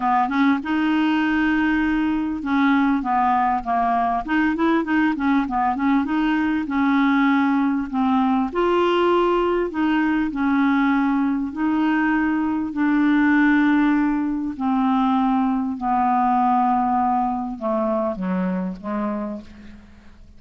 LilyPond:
\new Staff \with { instrumentName = "clarinet" } { \time 4/4 \tempo 4 = 99 b8 cis'8 dis'2. | cis'4 b4 ais4 dis'8 e'8 | dis'8 cis'8 b8 cis'8 dis'4 cis'4~ | cis'4 c'4 f'2 |
dis'4 cis'2 dis'4~ | dis'4 d'2. | c'2 b2~ | b4 a4 fis4 gis4 | }